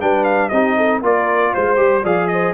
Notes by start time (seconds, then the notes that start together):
0.00 G3 D4 B4 G5
0.24 F5
0.48 C4 D#4 G4 D#5
0.76 A4
1.01 A#3 F4 A#4 D5
1.53 G#3 C5
1.76 G3 G4
2.02 F3 G#4 D5 F5
2.27 C5 D#5